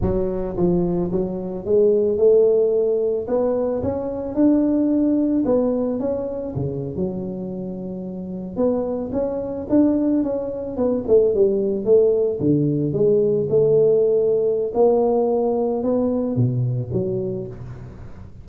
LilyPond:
\new Staff \with { instrumentName = "tuba" } { \time 4/4 \tempo 4 = 110 fis4 f4 fis4 gis4 | a2 b4 cis'4 | d'2 b4 cis'4 | cis8. fis2. b16~ |
b8. cis'4 d'4 cis'4 b16~ | b16 a8 g4 a4 d4 gis16~ | gis8. a2~ a16 ais4~ | ais4 b4 b,4 fis4 | }